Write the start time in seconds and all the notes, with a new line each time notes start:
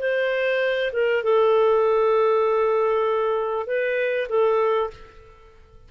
0.00 C5
0.93 A#4
1.24 A4
3.67 B4
4.29 A4